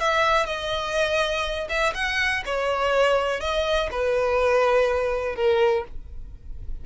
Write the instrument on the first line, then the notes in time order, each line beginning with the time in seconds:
violin
0.00 E5
0.46 D#5
1.69 E5
1.95 F#5
2.46 C#5
3.41 D#5
3.91 B4
5.36 A#4